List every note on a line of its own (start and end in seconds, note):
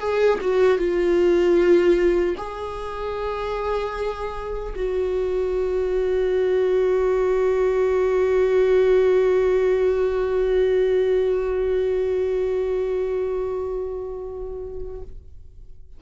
0.00 0.39 G#4
0.42 0.79 F#4
0.79 2.36 F4
2.38 4.74 G#4
4.76 15.02 F#4